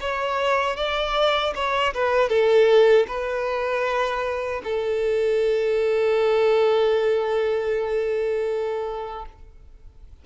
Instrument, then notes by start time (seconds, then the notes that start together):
violin
0.00 C#5
0.76 D5
1.55 C#5
1.94 B4
2.29 A4
3.07 B4
4.64 A4